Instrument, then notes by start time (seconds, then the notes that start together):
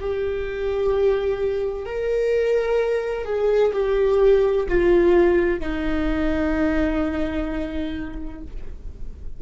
viola
0.00 G4
1.86 A#4
3.25 G#4
3.73 G4
4.68 F4
5.60 D#4